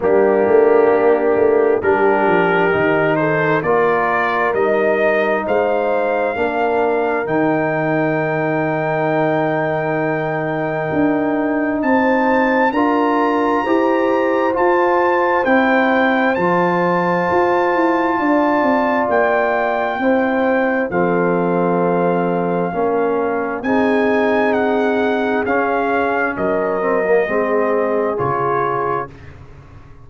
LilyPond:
<<
  \new Staff \with { instrumentName = "trumpet" } { \time 4/4 \tempo 4 = 66 g'2 ais'4. c''8 | d''4 dis''4 f''2 | g''1~ | g''4 a''4 ais''2 |
a''4 g''4 a''2~ | a''4 g''2 f''4~ | f''2 gis''4 fis''4 | f''4 dis''2 cis''4 | }
  \new Staff \with { instrumentName = "horn" } { \time 4/4 d'2 g'4. a'8 | ais'2 c''4 ais'4~ | ais'1~ | ais'4 c''4 ais'4 c''4~ |
c''1 | d''2 c''4 a'4~ | a'4 ais'4 gis'2~ | gis'4 ais'4 gis'2 | }
  \new Staff \with { instrumentName = "trombone" } { \time 4/4 ais2 d'4 dis'4 | f'4 dis'2 d'4 | dis'1~ | dis'2 f'4 g'4 |
f'4 e'4 f'2~ | f'2 e'4 c'4~ | c'4 cis'4 dis'2 | cis'4. c'16 ais16 c'4 f'4 | }
  \new Staff \with { instrumentName = "tuba" } { \time 4/4 g8 a8 ais8 a8 g8 f8 dis4 | ais4 g4 gis4 ais4 | dis1 | d'4 c'4 d'4 e'4 |
f'4 c'4 f4 f'8 e'8 | d'8 c'8 ais4 c'4 f4~ | f4 ais4 c'2 | cis'4 fis4 gis4 cis4 | }
>>